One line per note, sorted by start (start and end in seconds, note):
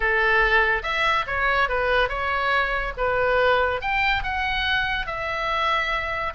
0.00 0.83 A4
0.83 1.25 E5
1.26 1.68 C#5
1.69 2.08 B4
2.08 2.93 C#5
2.97 3.81 B4
3.81 4.23 G5
4.23 5.06 F#5
5.06 6.33 E5